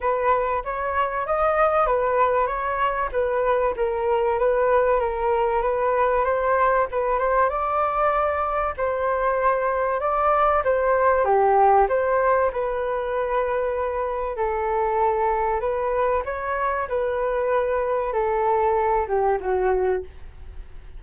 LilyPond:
\new Staff \with { instrumentName = "flute" } { \time 4/4 \tempo 4 = 96 b'4 cis''4 dis''4 b'4 | cis''4 b'4 ais'4 b'4 | ais'4 b'4 c''4 b'8 c''8 | d''2 c''2 |
d''4 c''4 g'4 c''4 | b'2. a'4~ | a'4 b'4 cis''4 b'4~ | b'4 a'4. g'8 fis'4 | }